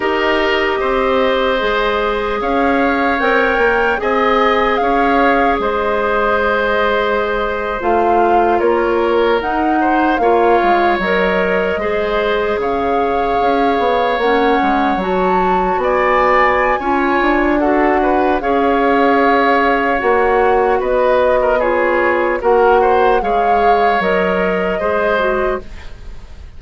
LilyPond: <<
  \new Staff \with { instrumentName = "flute" } { \time 4/4 \tempo 4 = 75 dis''2. f''4 | g''4 gis''4 f''4 dis''4~ | dis''4.~ dis''16 f''4 cis''4 fis''16~ | fis''8. f''4 dis''2 f''16~ |
f''4.~ f''16 fis''4 a''4 gis''16~ | gis''2 fis''4 f''4~ | f''4 fis''4 dis''4 cis''4 | fis''4 f''4 dis''2 | }
  \new Staff \with { instrumentName = "oboe" } { \time 4/4 ais'4 c''2 cis''4~ | cis''4 dis''4 cis''4 c''4~ | c''2~ c''8. ais'4~ ais'16~ | ais'16 c''8 cis''2 c''4 cis''16~ |
cis''2.~ cis''8. d''16~ | d''4 cis''4 a'8 b'8 cis''4~ | cis''2 b'8. ais'16 gis'4 | ais'8 c''8 cis''2 c''4 | }
  \new Staff \with { instrumentName = "clarinet" } { \time 4/4 g'2 gis'2 | ais'4 gis'2.~ | gis'4.~ gis'16 f'2 dis'16~ | dis'8. f'4 ais'4 gis'4~ gis'16~ |
gis'4.~ gis'16 cis'4 fis'4~ fis'16~ | fis'4 f'4 fis'4 gis'4~ | gis'4 fis'2 f'4 | fis'4 gis'4 ais'4 gis'8 fis'8 | }
  \new Staff \with { instrumentName = "bassoon" } { \time 4/4 dis'4 c'4 gis4 cis'4 | c'8 ais8 c'4 cis'4 gis4~ | gis4.~ gis16 a4 ais4 dis'16~ | dis'8. ais8 gis8 fis4 gis4 cis16~ |
cis8. cis'8 b8 ais8 gis8 fis4 b16~ | b4 cis'8 d'4. cis'4~ | cis'4 ais4 b2 | ais4 gis4 fis4 gis4 | }
>>